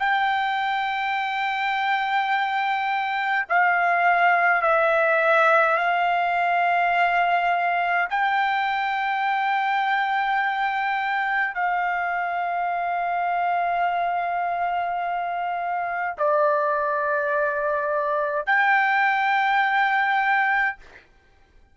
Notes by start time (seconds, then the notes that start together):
0.00 G5
3.49 F5
4.62 E5
5.78 F5
8.10 G5
11.55 F5
16.18 D5
18.47 G5